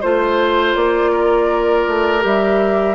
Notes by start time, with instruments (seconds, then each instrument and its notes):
0.00 bassoon A3, clarinet F4, oboe C5, flute C5
0.75 bassoon A#3, flute D5
1.12 oboe A#4
1.87 bassoon A3
2.20 bassoon G3, clarinet G4, flute E5